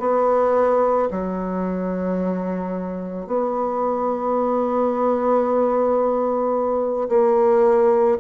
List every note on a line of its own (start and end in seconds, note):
0.00 1.09 B3
1.12 3.27 F#3
3.27 7.09 B3
7.09 8.18 A#3